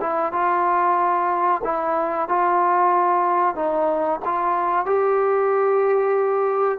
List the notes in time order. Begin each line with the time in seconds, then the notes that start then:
0.00 E4
0.32 F4
1.64 E4
2.28 F4
3.55 D#4
4.25 F4
4.85 G4